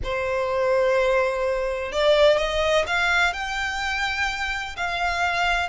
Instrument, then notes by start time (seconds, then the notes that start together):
violin
0.03 C5
1.92 D5
2.37 D#5
2.87 F5
3.33 G5
4.76 F5